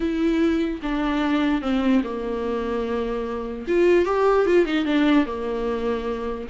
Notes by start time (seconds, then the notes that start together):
0.00 E4
0.82 D4
1.61 C4
2.03 A#3
3.67 F4
4.05 G4
4.46 F4
4.65 D#4
4.85 D4
5.26 A#3